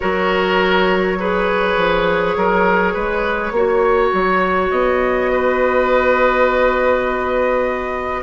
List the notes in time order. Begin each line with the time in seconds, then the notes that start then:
0.00 F#3 F#4 A#4 C#5
1.19 G#4 B4
1.76 F3
2.36 F#3 A#4
2.93 G#3 B4
3.51 A#3 F#4 C#5
4.13 F#3
4.70 B3 D#5
5.32 B4